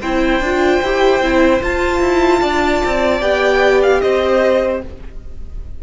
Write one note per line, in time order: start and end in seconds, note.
0.00 0.40 C4
0.00 0.43 E4
0.00 2.40 C5
0.00 1.61 G5
0.40 0.80 D4
0.40 0.84 F4
0.82 1.20 E4
0.82 1.22 G4
1.20 1.60 C4
1.20 1.62 E4
1.62 3.21 F4
1.62 2.00 F4
1.62 3.21 A5
2.00 2.40 E4
2.41 2.83 D4
2.41 4.00 D5
2.84 3.21 C4
3.21 4.01 B3
3.21 4.81 G4
3.21 3.81 G5
3.82 4.01 F5
4.01 4.83 C4
4.01 4.82 C5
4.01 4.81 D#5